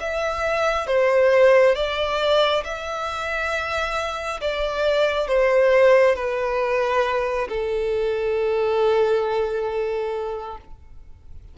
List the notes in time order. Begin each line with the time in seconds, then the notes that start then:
0.00 E5
0.87 C5
1.76 D5
2.64 E5
4.41 D5
5.27 C5
6.16 B4
7.49 A4